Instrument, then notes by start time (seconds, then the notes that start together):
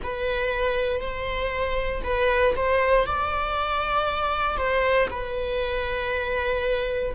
viola
0.03 B4
1.00 C5
2.03 B4
2.56 C5
3.06 D5
4.57 C5
5.10 B4